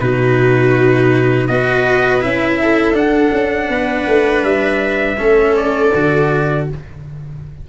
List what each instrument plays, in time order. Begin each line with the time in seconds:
0.00 tuba B2, cello D#4, viola F#4, trumpet B4
1.48 tuba B3, cello F#4, viola B4, trumpet D#5
2.21 tuba C#4, cello E4, trumpet E5
2.62 viola A4
2.94 tuba D4, cello D4, trumpet F#5
3.33 tuba C#4
3.69 tuba B3, viola B4
4.07 tuba A3
4.44 tuba G3, trumpet E5
5.18 tuba A3, cello C#4, viola A4
5.56 trumpet D5
5.95 tuba D3, cello F#4